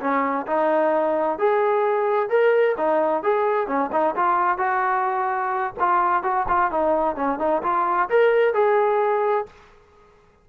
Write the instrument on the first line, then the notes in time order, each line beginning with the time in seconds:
trombone
0.00 C#4
0.46 D#4
1.38 G#4
2.29 A#4
2.77 D#4
3.23 G#4
3.67 C#4
3.92 D#4
4.16 F4
4.58 F#4
5.79 F4
6.23 F#4
6.48 F4
6.71 D#4
7.16 C#4
7.39 D#4
7.63 F4
8.09 A#4
8.54 G#4